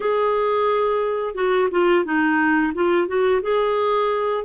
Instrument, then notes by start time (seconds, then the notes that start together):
clarinet
0.00 G#4
1.34 F#4
1.70 F4
2.04 D#4
2.74 F4
3.07 F#4
3.42 G#4